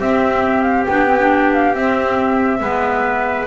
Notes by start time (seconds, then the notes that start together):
0.00 C4 G4 E5
0.62 F5
0.86 B3 D4 G5
1.07 C4
1.20 D4
1.53 F5
1.74 C4 E5
2.60 G#3 B3 B4